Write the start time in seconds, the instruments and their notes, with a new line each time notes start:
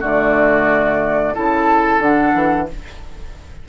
0.00 bassoon D3, clarinet A3, oboe F#4, flute D5
1.34 bassoon C#3, clarinet E4, oboe A4, flute A5
1.99 bassoon D3, clarinet D4, flute F#5
2.34 bassoon E3